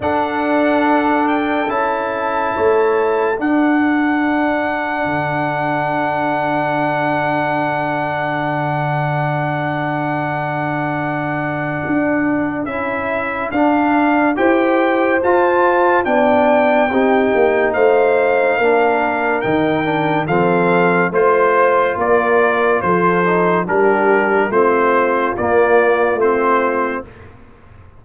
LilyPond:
<<
  \new Staff \with { instrumentName = "trumpet" } { \time 4/4 \tempo 4 = 71 fis''4. g''8 a''2 | fis''1~ | fis''1~ | fis''2. e''4 |
f''4 g''4 a''4 g''4~ | g''4 f''2 g''4 | f''4 c''4 d''4 c''4 | ais'4 c''4 d''4 c''4 | }
  \new Staff \with { instrumentName = "horn" } { \time 4/4 a'2. cis''4 | a'1~ | a'1~ | a'1~ |
a'4 c''2 d''4 | g'4 c''4 ais'2 | a'4 c''4 ais'4 a'4 | g'4 f'2. | }
  \new Staff \with { instrumentName = "trombone" } { \time 4/4 d'2 e'2 | d'1~ | d'1~ | d'2. e'4 |
d'4 g'4 f'4 d'4 | dis'2 d'4 dis'8 d'8 | c'4 f'2~ f'8 dis'8 | d'4 c'4 ais4 c'4 | }
  \new Staff \with { instrumentName = "tuba" } { \time 4/4 d'2 cis'4 a4 | d'2 d2~ | d1~ | d2 d'4 cis'4 |
d'4 e'4 f'4 b4 | c'8 ais8 a4 ais4 dis4 | f4 a4 ais4 f4 | g4 a4 ais4 a4 | }
>>